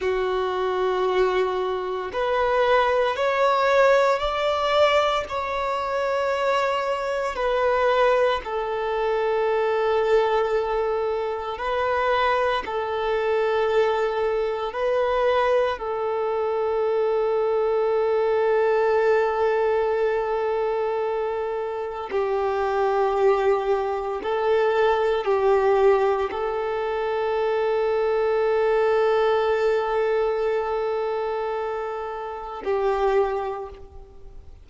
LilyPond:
\new Staff \with { instrumentName = "violin" } { \time 4/4 \tempo 4 = 57 fis'2 b'4 cis''4 | d''4 cis''2 b'4 | a'2. b'4 | a'2 b'4 a'4~ |
a'1~ | a'4 g'2 a'4 | g'4 a'2.~ | a'2. g'4 | }